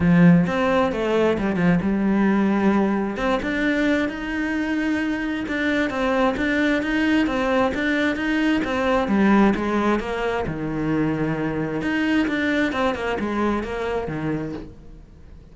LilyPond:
\new Staff \with { instrumentName = "cello" } { \time 4/4 \tempo 4 = 132 f4 c'4 a4 g8 f8 | g2. c'8 d'8~ | d'4 dis'2. | d'4 c'4 d'4 dis'4 |
c'4 d'4 dis'4 c'4 | g4 gis4 ais4 dis4~ | dis2 dis'4 d'4 | c'8 ais8 gis4 ais4 dis4 | }